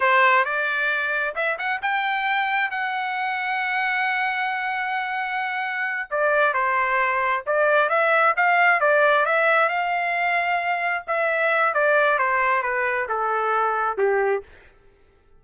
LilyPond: \new Staff \with { instrumentName = "trumpet" } { \time 4/4 \tempo 4 = 133 c''4 d''2 e''8 fis''8 | g''2 fis''2~ | fis''1~ | fis''4. d''4 c''4.~ |
c''8 d''4 e''4 f''4 d''8~ | d''8 e''4 f''2~ f''8~ | f''8 e''4. d''4 c''4 | b'4 a'2 g'4 | }